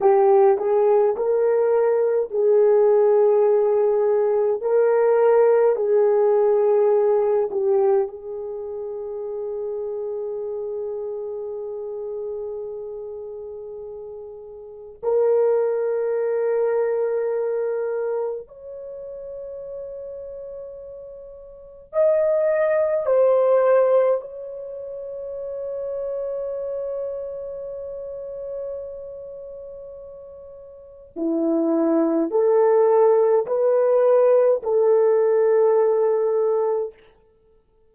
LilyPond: \new Staff \with { instrumentName = "horn" } { \time 4/4 \tempo 4 = 52 g'8 gis'8 ais'4 gis'2 | ais'4 gis'4. g'8 gis'4~ | gis'1~ | gis'4 ais'2. |
cis''2. dis''4 | c''4 cis''2.~ | cis''2. e'4 | a'4 b'4 a'2 | }